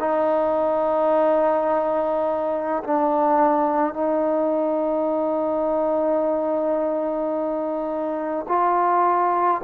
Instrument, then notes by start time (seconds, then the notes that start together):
trombone
0.00 D#4
2.84 D4
3.94 D#4
8.49 F4